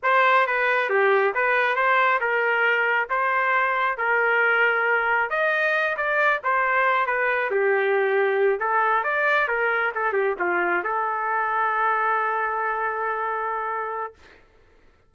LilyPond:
\new Staff \with { instrumentName = "trumpet" } { \time 4/4 \tempo 4 = 136 c''4 b'4 g'4 b'4 | c''4 ais'2 c''4~ | c''4 ais'2. | dis''4. d''4 c''4. |
b'4 g'2~ g'8 a'8~ | a'8 d''4 ais'4 a'8 g'8 f'8~ | f'8 a'2.~ a'8~ | a'1 | }